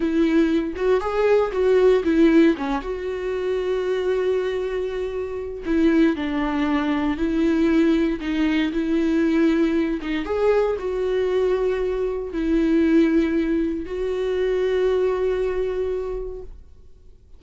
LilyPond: \new Staff \with { instrumentName = "viola" } { \time 4/4 \tempo 4 = 117 e'4. fis'8 gis'4 fis'4 | e'4 cis'8 fis'2~ fis'8~ | fis'2. e'4 | d'2 e'2 |
dis'4 e'2~ e'8 dis'8 | gis'4 fis'2. | e'2. fis'4~ | fis'1 | }